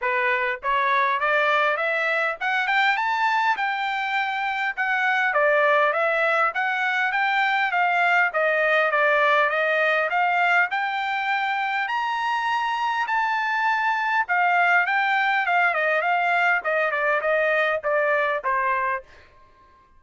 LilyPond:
\new Staff \with { instrumentName = "trumpet" } { \time 4/4 \tempo 4 = 101 b'4 cis''4 d''4 e''4 | fis''8 g''8 a''4 g''2 | fis''4 d''4 e''4 fis''4 | g''4 f''4 dis''4 d''4 |
dis''4 f''4 g''2 | ais''2 a''2 | f''4 g''4 f''8 dis''8 f''4 | dis''8 d''8 dis''4 d''4 c''4 | }